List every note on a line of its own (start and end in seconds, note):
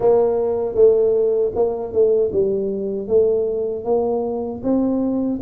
0.00 0.74 A#3
0.74 1.51 A3
1.55 1.92 A#3
1.92 2.31 A3
2.32 3.07 G3
3.07 3.84 A3
3.84 4.61 A#3
4.63 5.40 C4